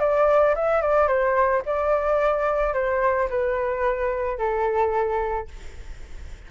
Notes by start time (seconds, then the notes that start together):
0.00 D5
0.56 E5
0.82 D5
1.08 C5
1.66 D5
2.74 C5
3.30 B4
4.38 A4